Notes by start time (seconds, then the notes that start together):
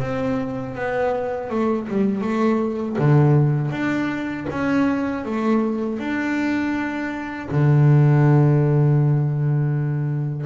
0.00 C4
0.75 B3
1.50 A3
1.88 G3
2.22 A3
2.99 D3
3.71 D4
4.50 C#4
5.25 A3
5.99 D4
7.51 D3